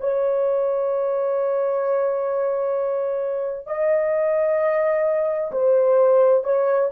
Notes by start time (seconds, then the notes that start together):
0.00 C#5
3.67 D#5
5.52 C5
6.44 C#5